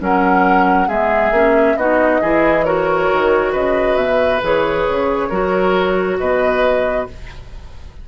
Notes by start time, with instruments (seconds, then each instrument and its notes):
0.00 bassoon F#3, clarinet C#4, oboe A#4, flute F#5
0.88 bassoon G#3, clarinet B3, oboe G#4, flute E5
1.31 bassoon A#3, clarinet C#4
1.76 bassoon B3, clarinet D#4, oboe F#4, flute D#5
2.21 bassoon E3, clarinet E4, oboe G#4
2.64 clarinet F#4, oboe A#4, flute C#5
3.12 bassoon D#3
3.52 bassoon C#3, oboe B4, flute D#5
3.96 bassoon B2, flute E5
4.43 bassoon E3, clarinet G#4, flute C#5
4.88 bassoon C#3
5.29 bassoon F#3, clarinet F#4, oboe A#4
6.19 bassoon B2, oboe B4, flute D#5